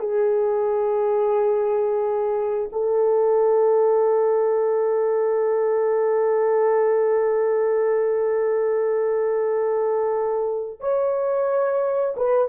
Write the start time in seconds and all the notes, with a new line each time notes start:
0.00 G#4
2.73 A4
10.80 C#5
12.17 B4